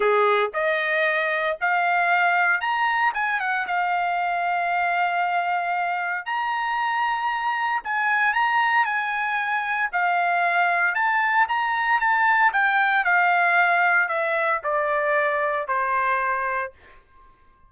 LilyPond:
\new Staff \with { instrumentName = "trumpet" } { \time 4/4 \tempo 4 = 115 gis'4 dis''2 f''4~ | f''4 ais''4 gis''8 fis''8 f''4~ | f''1 | ais''2. gis''4 |
ais''4 gis''2 f''4~ | f''4 a''4 ais''4 a''4 | g''4 f''2 e''4 | d''2 c''2 | }